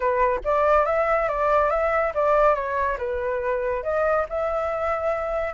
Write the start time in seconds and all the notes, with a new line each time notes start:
0.00 B4
0.44 D5
0.85 E5
1.28 D5
1.70 E5
2.14 D5
2.54 C#5
2.97 B4
3.83 D#5
4.29 E5